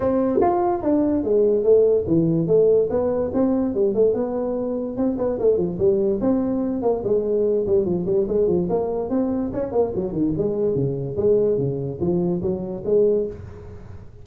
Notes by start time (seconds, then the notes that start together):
0.00 C4
0.41 F4
0.82 D4
1.23 G#3
1.63 A3
2.07 E3
2.47 A3
2.90 B3
3.33 C4
3.74 G3
3.94 A3
4.14 B3
4.96 C4
5.17 B3
5.39 A3
5.57 F3
5.78 G3
6.21 C4
6.82 A#3
7.04 G#3
7.66 G3
7.85 F3
8.06 G3
8.28 G#3
8.47 F3
8.69 A#3
9.09 C4
9.53 C#4
9.72 A#3
9.95 F#3
10.12 D#3
10.37 G#3
10.75 C#3
11.16 G#3
11.57 C#3
12.00 F3
12.41 F#3
12.85 G#3